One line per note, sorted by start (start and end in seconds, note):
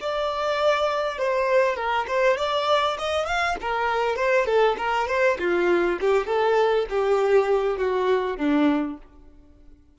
0.00 1.18 D5
1.18 1.76 C5
1.76 2.06 A#4
2.07 2.37 C5
2.37 2.97 D5
2.98 3.26 D#5
3.26 3.56 F5
3.61 4.16 A#4
4.16 4.46 C5
4.46 4.76 A4
4.77 5.07 A#4
5.07 5.37 C5
5.39 5.99 F4
6.00 6.26 G4
6.26 6.86 A4
6.89 7.78 G4
7.78 8.37 F#4
8.37 8.97 D4